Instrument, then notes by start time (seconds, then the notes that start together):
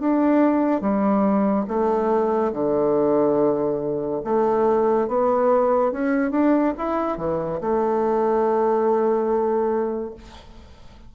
bassoon
0.00 D4
0.81 G3
1.68 A3
2.53 D3
4.24 A3
5.08 B3
5.92 C#4
6.31 D4
6.78 E4
7.18 E3
7.61 A3